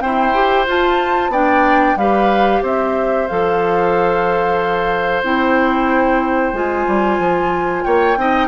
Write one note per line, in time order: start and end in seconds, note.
0.00 0.33 C4
0.00 0.67 E4
0.00 1.32 C5
0.00 0.66 G5
0.34 0.67 G4
0.67 1.29 F4
0.67 1.32 F4
0.67 1.33 A5
1.29 1.94 B3
1.29 1.98 D4
1.29 1.97 D5
1.29 1.98 G5
1.96 2.62 G3
1.96 3.30 G4
1.96 2.63 B4
1.96 2.63 F5
2.63 3.28 C4
2.63 7.85 C5
2.63 3.28 E5
3.28 5.23 F3
3.28 5.24 A4
3.28 5.24 F5
5.23 6.53 C4
5.23 6.54 E4
5.23 6.55 G5
6.53 6.86 G#3
6.53 8.17 F4
6.53 7.84 G#5
6.88 7.19 G3
7.19 7.84 F3
7.84 8.17 A#3
7.84 8.18 C#5
7.84 8.48 G5
8.17 8.48 C4
8.17 8.48 D#4
8.17 8.48 D#5